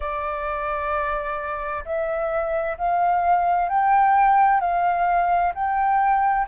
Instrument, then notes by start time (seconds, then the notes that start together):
flute
0.00 D5
1.85 E5
2.77 F5
3.68 G5
4.60 F5
5.54 G5